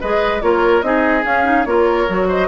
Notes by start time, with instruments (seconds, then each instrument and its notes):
0.00 bassoon G#3, clarinet G#4, oboe B4, flute D#5
0.41 bassoon A#3, clarinet F4, oboe A#4, flute C#5
0.82 bassoon C4, clarinet D#4, oboe G#4, flute D#5
1.22 clarinet C#4, bassoon C#4, flute F5
1.43 clarinet D#4
1.64 bassoon A#3, clarinet F4, oboe A#4, flute C#5
2.08 bassoon F#3, clarinet F#4
2.28 oboe C5, flute D#5